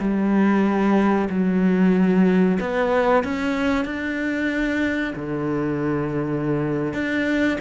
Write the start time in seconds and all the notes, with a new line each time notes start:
0.00 G3
1.30 F#3
2.60 B3
3.24 C#4
3.85 D4
5.16 D3
6.94 D4